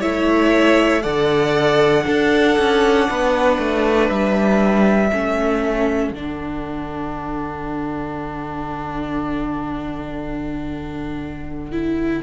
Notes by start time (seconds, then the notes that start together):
0.00 A3 E4 C#5 E5
1.01 D3 A4 D5 F#5
2.03 D4 A4
2.58 C#4
3.09 B3 B4
3.58 A3
4.08 G3 E5
5.08 A3 C#4 A4
6.11 D3 D4 F#5
11.72 E4